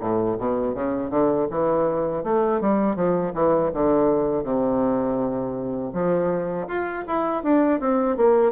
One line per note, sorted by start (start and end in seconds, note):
0.00 0.37 A2
0.38 0.74 B2
0.74 1.10 C#3
1.10 1.47 D3
1.50 2.23 E3
2.23 2.60 A3
2.61 2.95 G3
2.95 3.32 F3
3.34 3.71 E3
3.73 4.43 D3
4.43 5.92 C3
5.93 6.67 F3
6.67 7.04 F4
7.07 7.43 E4
7.43 7.80 D4
7.80 8.17 C4
8.17 8.52 A#3